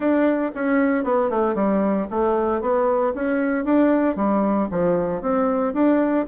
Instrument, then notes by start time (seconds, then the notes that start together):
bassoon
0.00 D4
0.54 C#4
1.04 B3
1.30 A3
1.54 G3
2.10 A3
2.61 B3
3.14 C#4
3.64 D4
4.16 G3
4.71 F3
5.21 C4
5.73 D4